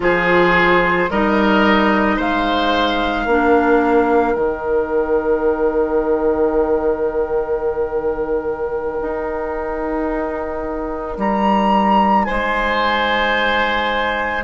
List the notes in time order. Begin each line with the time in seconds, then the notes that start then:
0.00 F3 F4 G#4 C5
1.10 G3 D#4 A#4 D#5
2.16 G#3 C5 F5
3.25 A#3 D4 A#4
4.35 D#3 D#4 G5
9.01 D#4
11.17 G3 A#5
12.25 G#3 C5 G#5